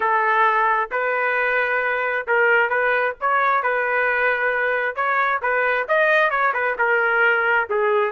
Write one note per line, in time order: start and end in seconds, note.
0.00 0.89 A4
0.91 2.26 B4
2.27 2.69 A#4
2.69 3.14 B4
3.20 3.62 C#5
3.62 4.95 B4
4.95 5.40 C#5
5.42 5.87 B4
5.88 6.30 D#5
6.30 6.52 C#5
6.53 6.76 B4
6.78 7.68 A#4
7.69 8.11 G#4